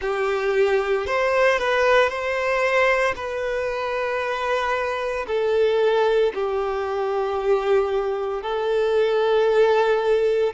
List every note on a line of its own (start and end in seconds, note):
0.00 1.06 G4
1.06 1.58 C5
1.58 2.09 B4
2.09 3.14 C5
3.15 5.26 B4
5.27 6.32 A4
6.33 8.42 G4
8.42 10.53 A4